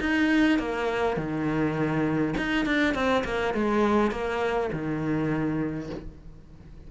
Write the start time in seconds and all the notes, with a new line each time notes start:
0.00 D#4
0.59 A#3
1.17 D#3
2.37 D#4
2.66 D4
2.94 C4
3.25 A#3
3.54 G#3
4.11 A#3
4.72 D#3